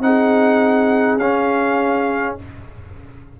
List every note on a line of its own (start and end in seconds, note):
0.00 1.17 C4
0.00 1.19 D#4
0.00 2.40 G#4
0.00 1.18 F#5
1.17 2.35 C#4
1.17 2.38 C#4
1.17 2.36 F5